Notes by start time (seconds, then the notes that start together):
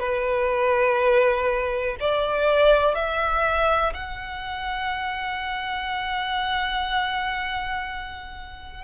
0.00 B4
2.00 D5
2.95 E5
3.94 F#5